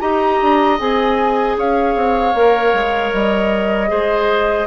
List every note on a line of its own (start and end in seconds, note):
0.00 0.40 D#4
0.00 0.78 G4
0.00 1.56 D#5
0.00 0.78 A#5
0.42 0.79 D4
0.78 1.56 C4
0.78 2.34 G#4
0.78 1.57 G#5
1.56 1.95 C#4
1.56 3.90 C#5
1.56 3.12 F5
1.95 2.34 C4
2.34 2.73 A#3
2.34 3.87 A#4
2.73 3.12 G#3
3.12 3.90 G3
3.12 4.67 D#5
3.87 4.67 G#3
3.87 4.65 G#4
3.87 4.67 C5